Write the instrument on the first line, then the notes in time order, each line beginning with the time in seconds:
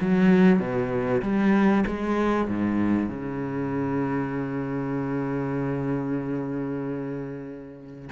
cello
0.00 F#3
0.59 B2
1.22 G3
1.86 G#3
2.48 G#2
3.09 C#3